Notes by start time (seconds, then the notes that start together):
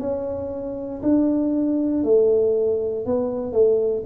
0.00 C#4
1.03 D4
2.04 A3
3.06 B3
3.53 A3